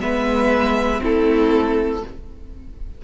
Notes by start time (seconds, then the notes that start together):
0.00 G#3 B3 B4 E5
0.99 A3 C4 E4 A4